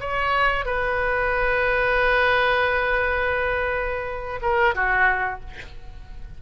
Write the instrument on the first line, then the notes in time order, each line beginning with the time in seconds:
oboe
0.00 C#5
0.65 B4
4.42 A#4
4.75 F#4